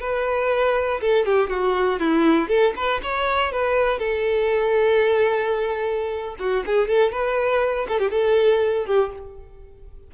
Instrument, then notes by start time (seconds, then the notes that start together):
violin
0.00 B4
1.01 A4
1.25 G4
1.50 F#4
2.00 E4
2.48 A4
2.76 B4
3.02 C#5
3.52 B4
3.99 A4
6.39 F#4
6.66 G#4
6.88 A4
7.12 B4
7.88 A4
7.99 G4
8.11 A4
8.86 G4